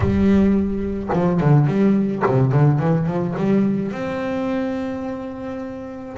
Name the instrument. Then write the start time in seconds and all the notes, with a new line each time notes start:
double bass
0.00 G3
1.13 F3
1.40 D3
1.66 G3
2.26 C3
2.51 D3
2.79 E3
3.06 F3
3.37 G3
3.91 C4